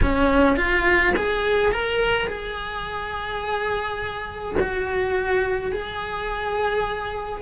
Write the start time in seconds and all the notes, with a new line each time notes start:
0.02 C#4
0.56 F4
1.16 G#4
1.71 A#4
2.27 G#4
4.59 F#4
5.72 G#4